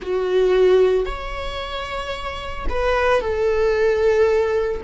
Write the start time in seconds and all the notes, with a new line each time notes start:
0.01 F#4
1.05 C#5
2.69 B4
3.20 A4